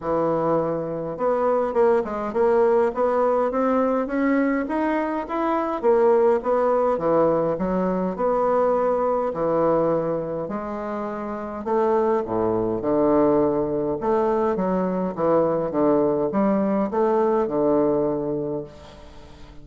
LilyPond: \new Staff \with { instrumentName = "bassoon" } { \time 4/4 \tempo 4 = 103 e2 b4 ais8 gis8 | ais4 b4 c'4 cis'4 | dis'4 e'4 ais4 b4 | e4 fis4 b2 |
e2 gis2 | a4 a,4 d2 | a4 fis4 e4 d4 | g4 a4 d2 | }